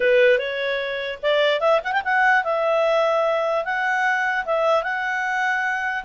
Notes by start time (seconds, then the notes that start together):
0.00 B4
0.38 C#5
1.22 D5
1.60 E5
1.84 F#5
1.92 G5
2.04 F#5
2.43 E5
3.64 F#5
4.45 E5
4.83 F#5